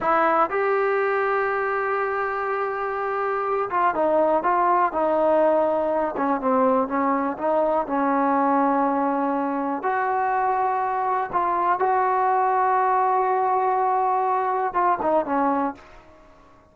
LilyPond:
\new Staff \with { instrumentName = "trombone" } { \time 4/4 \tempo 4 = 122 e'4 g'2.~ | g'2.~ g'8 f'8 | dis'4 f'4 dis'2~ | dis'8 cis'8 c'4 cis'4 dis'4 |
cis'1 | fis'2. f'4 | fis'1~ | fis'2 f'8 dis'8 cis'4 | }